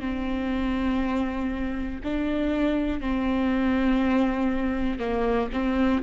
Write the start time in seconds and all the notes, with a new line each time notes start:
0.00 C4
2.04 D4
3.01 C4
4.99 A#3
5.53 C4